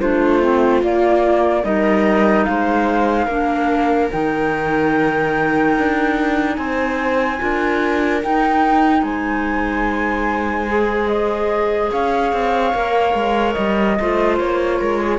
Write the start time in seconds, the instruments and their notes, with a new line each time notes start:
0.00 cello A3, clarinet D4, viola F4, flute C5
0.41 clarinet C4
0.83 cello A#3, clarinet A#3, flute D5
1.64 cello G3, clarinet D#4, viola A#4, flute D#5
2.44 cello G#3, viola C5, flute F5
3.26 cello A#3, clarinet D4, viola A#4
4.12 cello D#3, clarinet D#4, flute G5
5.78 cello D4
6.56 cello C4, viola C5, flute G#5
7.39 cello D4, clarinet F4, viola A#4
8.23 clarinet D#4, cello D#4, flute G5
9.03 cello G#3, viola C5, flute G#5
10.68 clarinet G#4
11.08 flute D#5
11.92 cello C#4, viola C#5, flute F5
12.33 cello C4
12.75 cello A#3, clarinet A#4
13.15 cello G#3
13.54 cello G3, flute D#5
14.00 cello A3, clarinet F4, viola C5
14.39 cello A#3, flute C#5
14.80 cello G#3, viola A#4
15.01 viola G#4